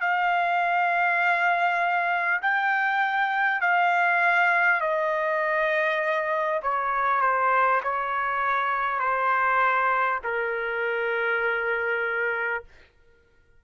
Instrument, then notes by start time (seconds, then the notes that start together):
trumpet
0.00 F5
2.41 G5
3.61 F5
4.81 D#5
6.62 C#5
7.21 C5
7.83 C#5
8.99 C5
10.24 A#4